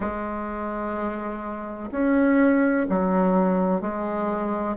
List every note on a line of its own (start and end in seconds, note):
0.00 1.90 G#3
1.90 2.86 C#4
2.89 3.81 F#3
3.81 4.76 G#3